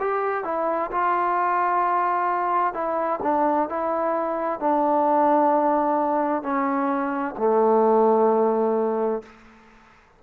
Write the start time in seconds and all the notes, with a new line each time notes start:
0.00 G4
0.44 E4
0.91 F4
2.74 E4
3.23 D4
3.69 E4
4.60 D4
6.43 C#4
7.38 A3